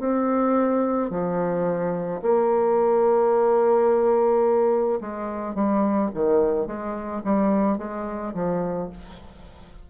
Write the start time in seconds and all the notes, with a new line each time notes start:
0.00 C4
1.11 F3
2.22 A#3
5.01 G#3
5.55 G3
6.15 D#3
6.67 G#3
7.24 G3
7.78 G#3
8.34 F3